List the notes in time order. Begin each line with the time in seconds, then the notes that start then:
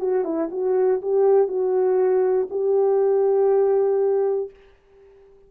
0.00 F#4
0.25 E4
0.51 F#4
1.01 G4
1.48 F#4
2.50 G4